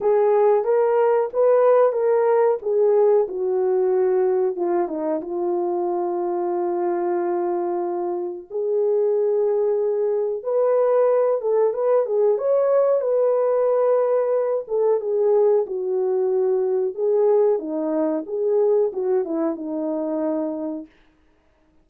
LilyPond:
\new Staff \with { instrumentName = "horn" } { \time 4/4 \tempo 4 = 92 gis'4 ais'4 b'4 ais'4 | gis'4 fis'2 f'8 dis'8 | f'1~ | f'4 gis'2. |
b'4. a'8 b'8 gis'8 cis''4 | b'2~ b'8 a'8 gis'4 | fis'2 gis'4 dis'4 | gis'4 fis'8 e'8 dis'2 | }